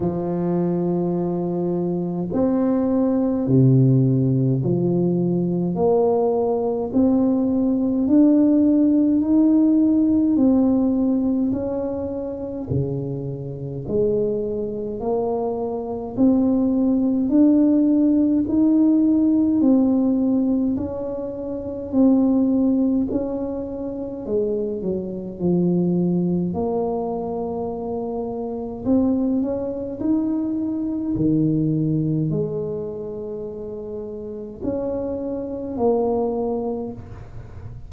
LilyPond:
\new Staff \with { instrumentName = "tuba" } { \time 4/4 \tempo 4 = 52 f2 c'4 c4 | f4 ais4 c'4 d'4 | dis'4 c'4 cis'4 cis4 | gis4 ais4 c'4 d'4 |
dis'4 c'4 cis'4 c'4 | cis'4 gis8 fis8 f4 ais4~ | ais4 c'8 cis'8 dis'4 dis4 | gis2 cis'4 ais4 | }